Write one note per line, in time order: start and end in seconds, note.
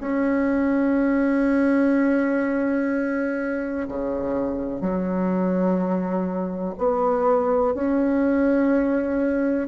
0.00 3.87 C#4
3.88 4.81 C#3
4.81 6.74 F#3
6.78 7.74 B3
7.74 9.68 C#4